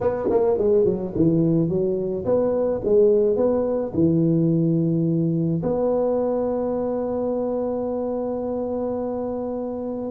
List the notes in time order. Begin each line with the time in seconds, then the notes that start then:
0.01 B3
0.30 A#3
0.58 G#3
0.84 F#3
1.15 E3
1.68 F#3
2.25 B3
2.84 G#3
3.36 B3
3.94 E3
5.62 B3